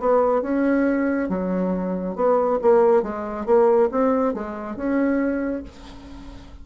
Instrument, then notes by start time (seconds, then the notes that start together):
bassoon
0.00 B3
0.42 C#4
1.29 F#3
2.16 B3
2.62 A#3
3.03 G#3
3.46 A#3
3.92 C4
4.34 G#3
4.77 C#4